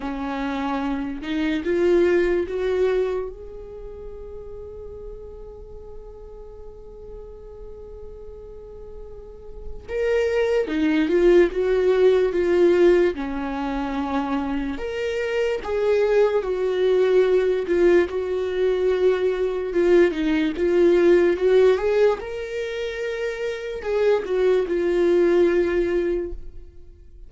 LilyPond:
\new Staff \with { instrumentName = "viola" } { \time 4/4 \tempo 4 = 73 cis'4. dis'8 f'4 fis'4 | gis'1~ | gis'1 | ais'4 dis'8 f'8 fis'4 f'4 |
cis'2 ais'4 gis'4 | fis'4. f'8 fis'2 | f'8 dis'8 f'4 fis'8 gis'8 ais'4~ | ais'4 gis'8 fis'8 f'2 | }